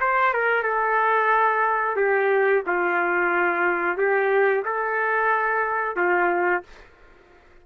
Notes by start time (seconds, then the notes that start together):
0.00 C5
0.33 A#4
0.63 A4
1.96 G4
2.66 F4
3.97 G4
4.65 A4
5.96 F4